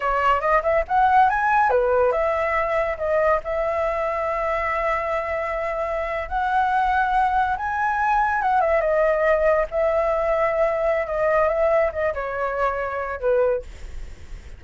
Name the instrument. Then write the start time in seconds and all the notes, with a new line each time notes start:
flute
0.00 C#5
0.40 D#5
0.63 E5
0.88 F#5
1.29 G#5
1.70 B4
2.11 E5
2.97 D#5
3.44 E5
6.28 F#5
7.56 G#5
8.42 F#5
8.61 E5
8.80 D#5
9.70 E5
11.06 D#5
11.48 E5
11.92 D#5
12.14 C#5
13.20 B4